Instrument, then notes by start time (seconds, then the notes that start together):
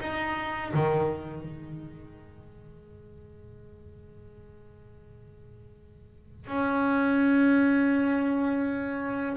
double bass
0.00 D#4
0.74 D#3
1.42 G#3
6.47 C#4